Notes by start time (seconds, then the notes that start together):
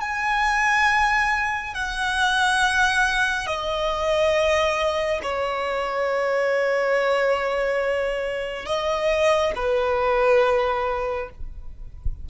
0.00 G#5
1.74 F#5
3.47 D#5
5.23 C#5
8.66 D#5
9.55 B4